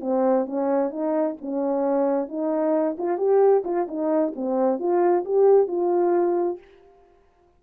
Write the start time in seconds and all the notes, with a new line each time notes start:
0.00 C4
0.46 C#4
0.90 D#4
1.41 C#4
2.28 D#4
2.98 F4
3.17 G4
3.64 F4
3.88 D#4
4.35 C4
4.79 F4
5.24 G4
5.67 F4